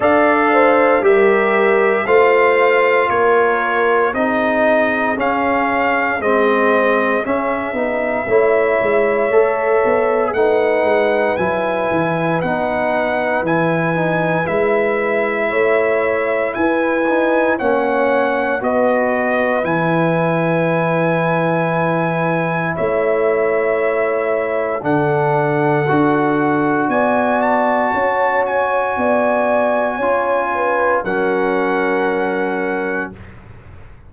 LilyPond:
<<
  \new Staff \with { instrumentName = "trumpet" } { \time 4/4 \tempo 4 = 58 f''4 e''4 f''4 cis''4 | dis''4 f''4 dis''4 e''4~ | e''2 fis''4 gis''4 | fis''4 gis''4 e''2 |
gis''4 fis''4 dis''4 gis''4~ | gis''2 e''2 | fis''2 gis''8 a''4 gis''8~ | gis''2 fis''2 | }
  \new Staff \with { instrumentName = "horn" } { \time 4/4 d''8 c''8 ais'4 c''4 ais'4 | gis'1 | cis''2 b'2~ | b'2. cis''4 |
b'4 cis''4 b'2~ | b'2 cis''2 | a'2 d''4 cis''4 | d''4 cis''8 b'8 ais'2 | }
  \new Staff \with { instrumentName = "trombone" } { \time 4/4 a'4 g'4 f'2 | dis'4 cis'4 c'4 cis'8 dis'8 | e'4 a'4 dis'4 e'4 | dis'4 e'8 dis'8 e'2~ |
e'8 dis'8 cis'4 fis'4 e'4~ | e'1 | d'4 fis'2.~ | fis'4 f'4 cis'2 | }
  \new Staff \with { instrumentName = "tuba" } { \time 4/4 d'4 g4 a4 ais4 | c'4 cis'4 gis4 cis'8 b8 | a8 gis8 a8 b8 a8 gis8 fis8 e8 | b4 e4 gis4 a4 |
e'4 ais4 b4 e4~ | e2 a2 | d4 d'4 b4 cis'4 | b4 cis'4 fis2 | }
>>